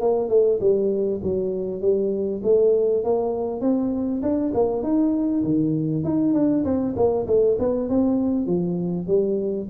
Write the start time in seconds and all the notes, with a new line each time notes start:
0.00 A#3
0.28 A3
0.60 G3
1.23 F#3
1.81 G3
2.43 A3
3.04 A#3
3.61 C4
4.22 D4
4.53 A#3
4.83 D#4
5.44 D#3
6.04 D#4
6.33 D4
6.64 C4
6.96 A#3
7.26 A3
7.58 B3
7.89 C4
8.46 F3
9.07 G3